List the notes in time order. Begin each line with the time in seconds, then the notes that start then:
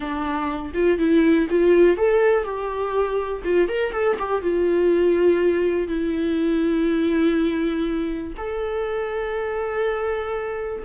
0.00 D4
0.74 F4
0.98 E4
1.50 F4
1.97 A4
2.43 G4
3.44 F4
3.68 A#4
3.92 A4
4.18 G4
4.42 F4
5.87 E4
8.37 A4